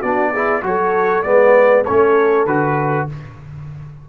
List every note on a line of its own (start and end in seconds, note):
0.00 0.62 B3
0.00 0.34 D4
0.00 0.31 F#4
0.00 0.63 D5
0.31 0.62 E4
0.31 0.62 G#4
0.62 1.24 F#3
0.62 1.23 F#4
0.62 1.28 A4
0.62 1.22 C#5
1.22 1.85 G#3
1.22 1.85 B3
1.22 1.84 D5
1.29 1.86 B4
1.85 2.46 A3
1.85 2.47 C#4
1.85 3.08 A4
1.85 2.46 C#5
2.46 3.07 D3
2.46 3.09 F#4
2.46 3.07 B4